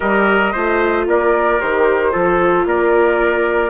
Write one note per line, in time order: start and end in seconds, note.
0.00 0.54 G3
0.00 0.53 G4
0.00 0.52 A#4
0.00 1.05 D#5
0.52 1.07 A3
0.52 1.59 F4
0.52 1.05 C5
1.07 1.60 A#3
1.07 2.12 A#4
1.07 1.60 D5
1.59 2.14 D#3
1.59 2.11 G4
1.59 2.66 C5
2.11 2.65 F3
2.11 3.70 F4
2.11 2.65 A4
2.65 3.70 A#3
2.65 3.70 A#4
2.65 3.70 D5